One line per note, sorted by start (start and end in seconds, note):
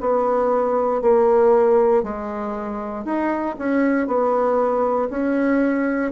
0.00 1.01 B3
1.01 2.03 A#3
2.03 3.04 G#3
3.04 3.55 D#4
3.58 4.07 C#4
4.07 5.08 B3
5.09 6.11 C#4